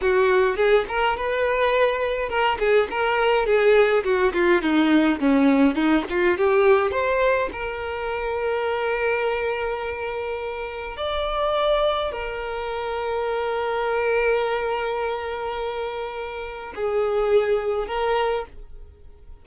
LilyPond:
\new Staff \with { instrumentName = "violin" } { \time 4/4 \tempo 4 = 104 fis'4 gis'8 ais'8 b'2 | ais'8 gis'8 ais'4 gis'4 fis'8 f'8 | dis'4 cis'4 dis'8 f'8 g'4 | c''4 ais'2.~ |
ais'2. d''4~ | d''4 ais'2.~ | ais'1~ | ais'4 gis'2 ais'4 | }